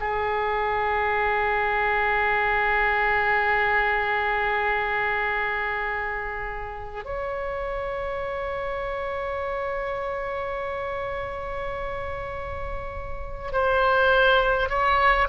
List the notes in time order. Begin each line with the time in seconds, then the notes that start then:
0.00 G#4
7.05 C#5
13.52 C5
14.69 C#5